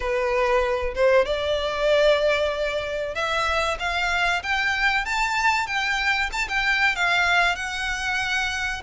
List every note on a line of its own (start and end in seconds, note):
0.00 0.94 B4
0.94 1.25 C5
1.25 3.14 D5
3.14 3.77 E5
3.79 4.42 F5
4.42 5.05 G5
5.05 5.66 A5
5.66 6.30 G5
6.32 6.48 A5
6.48 6.95 G5
6.95 7.55 F5
7.55 8.82 F#5